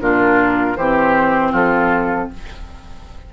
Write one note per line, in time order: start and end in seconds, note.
0.00 0.76 A#2
0.00 0.76 D4
0.00 0.77 F4
0.00 0.76 A#4
0.76 1.53 E3
0.76 2.33 C4
0.76 1.52 G4
0.76 1.52 C5
1.52 2.28 F3
1.52 2.28 F4
1.52 2.30 A4